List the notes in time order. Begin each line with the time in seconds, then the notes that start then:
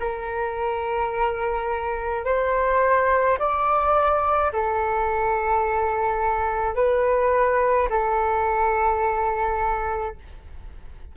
0.00 A#4
2.25 C5
3.39 D5
4.53 A4
6.75 B4
7.90 A4